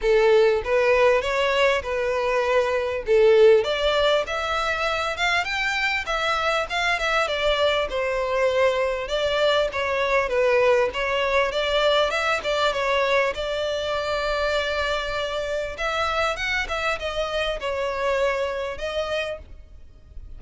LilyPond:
\new Staff \with { instrumentName = "violin" } { \time 4/4 \tempo 4 = 99 a'4 b'4 cis''4 b'4~ | b'4 a'4 d''4 e''4~ | e''8 f''8 g''4 e''4 f''8 e''8 | d''4 c''2 d''4 |
cis''4 b'4 cis''4 d''4 | e''8 d''8 cis''4 d''2~ | d''2 e''4 fis''8 e''8 | dis''4 cis''2 dis''4 | }